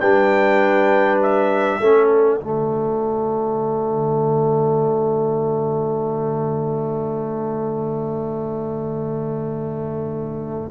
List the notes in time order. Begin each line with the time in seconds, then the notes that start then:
0.00 G3 D4 B4 G5
1.23 E5
1.81 A3 C#4 A4
2.09 D5
2.39 D3 A3 F#4